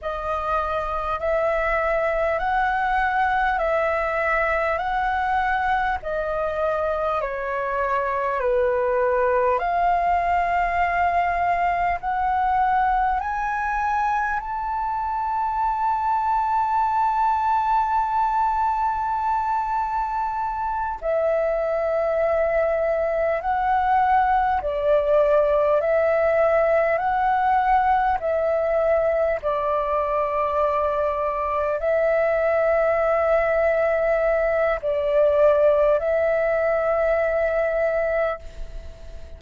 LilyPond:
\new Staff \with { instrumentName = "flute" } { \time 4/4 \tempo 4 = 50 dis''4 e''4 fis''4 e''4 | fis''4 dis''4 cis''4 b'4 | f''2 fis''4 gis''4 | a''1~ |
a''4. e''2 fis''8~ | fis''8 d''4 e''4 fis''4 e''8~ | e''8 d''2 e''4.~ | e''4 d''4 e''2 | }